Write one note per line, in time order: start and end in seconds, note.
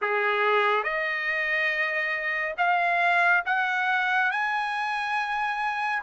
0.01 0.83 G#4
0.83 2.54 D#5
2.57 3.43 F5
3.45 4.31 F#5
4.31 6.02 G#5